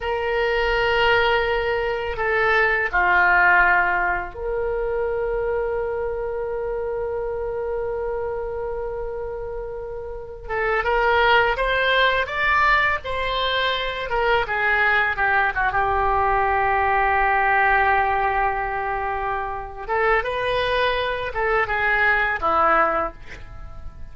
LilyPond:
\new Staff \with { instrumentName = "oboe" } { \time 4/4 \tempo 4 = 83 ais'2. a'4 | f'2 ais'2~ | ais'1~ | ais'2~ ais'8 a'8 ais'4 |
c''4 d''4 c''4. ais'8 | gis'4 g'8 fis'16 g'2~ g'16~ | g'2.~ g'8 a'8 | b'4. a'8 gis'4 e'4 | }